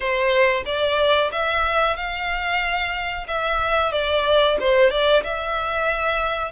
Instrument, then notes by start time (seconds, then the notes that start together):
violin
0.00 C5
0.65 D5
1.32 E5
1.96 F5
3.27 E5
3.91 D5
4.59 C5
4.90 D5
5.24 E5